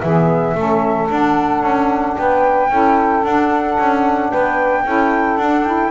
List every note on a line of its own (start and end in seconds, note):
0.00 0.55 E3
0.00 0.57 B3
0.00 0.55 G#4
0.00 1.07 E5
0.55 1.08 A3
0.55 1.09 C#4
0.55 2.17 A4
1.09 2.70 D4
1.09 1.63 D4
1.09 2.17 F#5
1.63 2.16 C#4
2.17 2.70 B3
2.17 2.71 B4
2.17 3.24 G5
2.70 3.23 C#4
2.70 3.23 E4
2.70 4.30 A4
3.23 3.77 D4
3.23 4.86 D4
3.23 4.31 F#5
3.79 4.32 C#4
4.30 4.85 B3
4.30 4.84 B4
4.30 5.37 G5
4.85 5.37 C#4
4.85 5.39 E4
4.85 5.91 A4
5.37 5.91 D4
5.37 5.66 D4
5.37 5.64 F#5
5.64 5.91 E4
5.64 5.91 G5